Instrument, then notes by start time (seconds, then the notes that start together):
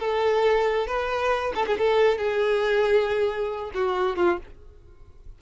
violin
0.00 A4
0.87 B4
1.55 A4
1.67 G#4
1.78 A4
2.18 G#4
3.74 F#4
4.16 F4